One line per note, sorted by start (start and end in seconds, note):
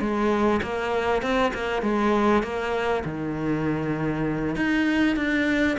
0.00 0.61 G#3
0.63 1.22 A#3
1.22 1.53 C4
1.54 1.82 A#3
1.82 2.43 G#3
2.43 3.03 A#3
3.04 4.56 D#3
4.56 5.16 D#4
5.16 5.77 D4